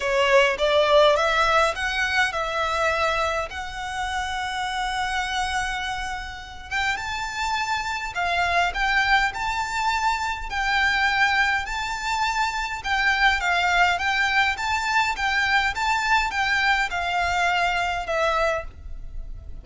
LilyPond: \new Staff \with { instrumentName = "violin" } { \time 4/4 \tempo 4 = 103 cis''4 d''4 e''4 fis''4 | e''2 fis''2~ | fis''2.~ fis''8 g''8 | a''2 f''4 g''4 |
a''2 g''2 | a''2 g''4 f''4 | g''4 a''4 g''4 a''4 | g''4 f''2 e''4 | }